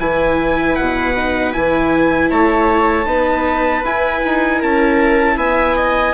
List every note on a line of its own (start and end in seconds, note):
0.00 0.77 E3
0.00 1.15 E4
0.00 2.31 B4
0.00 0.76 G#5
0.76 1.56 B2
0.76 1.53 F#5
1.17 1.54 D#4
1.53 2.31 E3
1.53 3.06 E4
1.53 2.30 G#5
2.31 3.06 A3
2.31 3.07 C#5
2.31 3.85 A5
3.06 3.83 B3
3.06 3.83 D#4
3.06 4.59 B4
3.84 4.22 E4
3.84 6.14 E4
3.84 4.62 G#5
4.25 4.63 D#4
4.59 5.37 C#4
4.59 5.36 A#4
4.59 5.39 A5
5.37 6.13 B3
5.37 5.76 E5
5.37 6.14 G#5
5.77 6.14 D#5